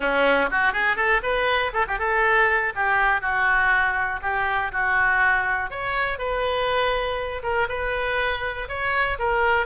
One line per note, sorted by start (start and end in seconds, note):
0.00 0.50 C#4
0.50 0.72 F#4
0.72 0.96 G#4
0.96 1.21 A4
1.22 1.72 B4
1.73 1.85 A4
1.87 1.99 G4
1.99 2.73 A4
2.75 3.21 G4
3.21 4.20 F#4
4.21 4.71 G4
4.72 5.70 F#4
5.70 6.18 C#5
6.18 7.42 B4
7.42 7.67 A#4
7.68 8.68 B4
8.68 9.18 C#5
9.18 9.66 A#4